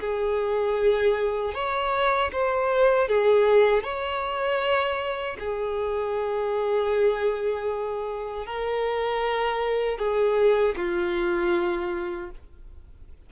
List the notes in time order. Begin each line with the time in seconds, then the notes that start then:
0.00 G#4
1.54 C#5
2.32 C5
3.08 G#4
3.83 C#5
5.39 G#4
8.46 A#4
9.98 G#4
10.76 F4